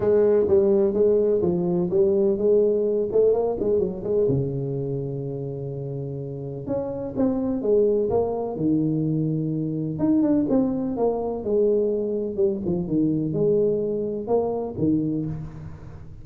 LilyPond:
\new Staff \with { instrumentName = "tuba" } { \time 4/4 \tempo 4 = 126 gis4 g4 gis4 f4 | g4 gis4. a8 ais8 gis8 | fis8 gis8 cis2.~ | cis2 cis'4 c'4 |
gis4 ais4 dis2~ | dis4 dis'8 d'8 c'4 ais4 | gis2 g8 f8 dis4 | gis2 ais4 dis4 | }